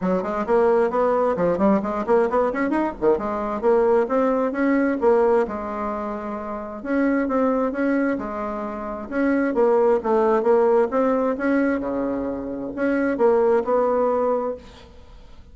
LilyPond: \new Staff \with { instrumentName = "bassoon" } { \time 4/4 \tempo 4 = 132 fis8 gis8 ais4 b4 f8 g8 | gis8 ais8 b8 cis'8 dis'8 dis8 gis4 | ais4 c'4 cis'4 ais4 | gis2. cis'4 |
c'4 cis'4 gis2 | cis'4 ais4 a4 ais4 | c'4 cis'4 cis2 | cis'4 ais4 b2 | }